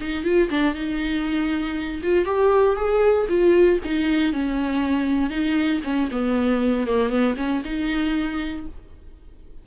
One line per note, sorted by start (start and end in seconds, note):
0.00 0.24 D#4
0.24 0.49 F4
0.50 0.74 D4
0.74 2.01 D#4
2.02 2.25 F4
2.25 2.76 G4
2.76 3.27 G#4
3.28 3.79 F4
3.84 4.33 D#4
4.33 5.30 C#4
5.30 5.81 D#4
5.84 6.09 C#4
6.11 6.87 B3
6.87 7.09 A#3
7.09 7.35 B3
7.37 7.62 C#4
7.64 8.66 D#4